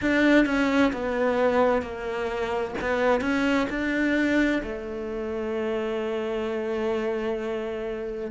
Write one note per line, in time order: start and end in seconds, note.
0.01 0.45 D4
0.45 0.91 C#4
0.92 1.82 B3
1.82 2.74 A#3
2.81 3.21 B3
3.21 3.67 C#4
3.69 4.62 D4
4.62 8.30 A3